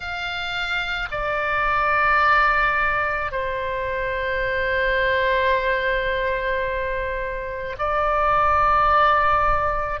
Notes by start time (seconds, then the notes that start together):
0.00 F5
1.11 D5
3.31 C5
7.78 D5